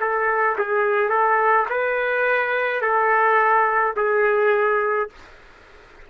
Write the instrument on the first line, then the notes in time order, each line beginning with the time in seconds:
trumpet
0.00 A4
0.59 G#4
1.10 A4
1.69 B4
2.81 A4
3.96 G#4